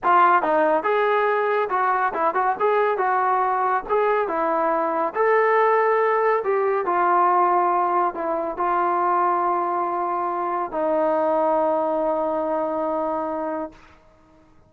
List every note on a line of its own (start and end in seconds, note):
0.03 0.42 F4
0.42 0.83 D#4
0.83 1.69 G#4
1.69 2.12 F#4
2.13 2.34 E4
2.34 2.56 F#4
2.59 2.97 G#4
2.97 3.83 F#4
3.89 4.27 G#4
4.27 5.13 E4
5.14 6.43 A4
6.44 6.85 G4
6.85 8.14 F4
8.14 8.57 E4
8.57 10.71 F4
10.71 13.71 D#4